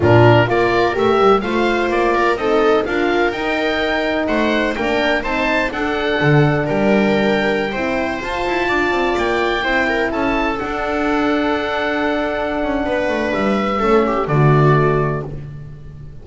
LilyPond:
<<
  \new Staff \with { instrumentName = "oboe" } { \time 4/4 \tempo 4 = 126 ais'4 d''4 e''4 f''4 | d''4 dis''4 f''4 g''4~ | g''4 fis''4 g''4 a''4 | fis''2 g''2~ |
g''4~ g''16 a''2 g''8.~ | g''4~ g''16 a''4 fis''4.~ fis''16~ | fis''1 | e''2 d''2 | }
  \new Staff \with { instrumentName = "viola" } { \time 4/4 f'4 ais'2 c''4~ | c''8 ais'8 a'4 ais'2~ | ais'4 c''4 ais'4 c''4 | a'2 ais'2~ |
ais'16 c''2 d''4.~ d''16~ | d''16 c''8 ais'8 a'2~ a'8.~ | a'2. b'4~ | b'4 a'8 g'8 fis'2 | }
  \new Staff \with { instrumentName = "horn" } { \time 4/4 d'4 f'4 g'4 f'4~ | f'4 dis'4 f'4 dis'4~ | dis'2 d'4 dis'4 | d'1~ |
d'16 e'4 f'2~ f'8.~ | f'16 e'2 d'4.~ d'16~ | d'1~ | d'4 cis'4 a2 | }
  \new Staff \with { instrumentName = "double bass" } { \time 4/4 ais,4 ais4 a8 g8 a4 | ais4 c'4 d'4 dis'4~ | dis'4 a4 ais4 c'4 | d'4 d4 g2~ |
g16 c'4 f'8 e'8 d'8 c'8 ais8.~ | ais16 c'4 cis'4 d'4.~ d'16~ | d'2~ d'8 cis'8 b8 a8 | g4 a4 d2 | }
>>